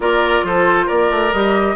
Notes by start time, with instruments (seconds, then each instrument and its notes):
0.00 bassoon A#3, clarinet F4, oboe A#4, flute D5
0.43 bassoon F3, oboe A4, flute C5
0.86 bassoon A#3, oboe A#4, flute D5
1.10 bassoon A3
1.33 bassoon G3, clarinet G4, flute D#5